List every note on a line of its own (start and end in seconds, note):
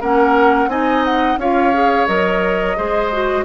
0.00 0.67 A#3
0.00 0.69 C#4
0.00 0.69 A#4
0.00 0.69 F#5
0.67 1.36 C4
0.67 1.38 D#4
0.67 1.39 D#5
0.67 1.04 G#5
1.04 1.39 F#5
1.37 2.06 C#4
1.37 1.73 F4
1.37 2.77 C#5
1.37 2.07 F5
1.73 2.07 G#4
2.07 2.77 F#3
2.07 2.76 A#4
2.07 3.44 D#5
2.76 3.44 G#3
2.76 3.11 G#4
2.76 3.44 C5
3.12 3.44 F#4